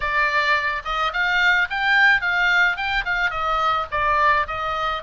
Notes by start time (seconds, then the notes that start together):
0.00 D5
0.84 D#5
1.13 F5
1.69 G5
2.21 F5
2.76 G5
3.04 F5
3.30 D#5
3.91 D5
4.47 D#5